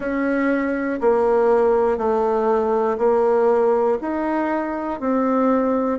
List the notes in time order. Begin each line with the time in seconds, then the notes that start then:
0.00 C#4
1.00 A#3
1.97 A3
2.98 A#3
4.01 D#4
5.00 C4